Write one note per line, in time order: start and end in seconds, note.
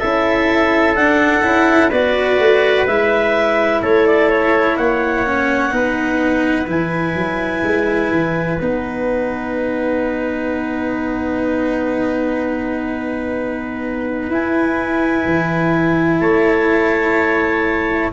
0.00 0.95 C#4
0.00 0.97 E4
0.00 1.90 A4
0.00 0.95 E5
0.95 1.43 D4
0.95 1.42 D4
0.95 1.91 F#5
1.42 1.91 C#4
1.42 1.89 E4
1.90 2.39 B3
1.90 2.88 F#4
1.90 3.81 B4
1.90 2.87 D5
2.39 2.86 A3
2.86 3.82 G#3
2.86 5.26 E4
2.86 3.82 E5
3.82 4.77 A3
3.82 4.77 A4
3.82 4.07 C#5
4.07 4.29 D5
4.29 4.77 C#5
4.77 5.72 A#3
4.77 5.73 C#5
4.77 6.67 F#5
5.26 5.70 C#4
5.70 6.67 B3
5.70 6.65 D#4
5.70 16.21 B4
6.67 7.15 E3
6.67 8.57 E4
6.67 8.59 G#5
7.15 7.62 F#3
7.63 8.11 G#3
8.11 8.58 E3
8.59 14.29 B3
8.59 14.31 D#4
8.59 14.31 F#5
14.29 15.24 E4
14.29 18.12 E4
14.29 16.20 G#5
15.26 16.20 E3
16.20 18.11 A3
16.20 18.12 C#5
16.20 18.11 A5